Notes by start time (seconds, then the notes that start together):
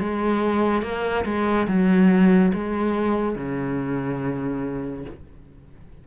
0.00 G#3
0.82 A#3
1.25 G#3
1.67 F#3
2.54 G#3
3.35 C#3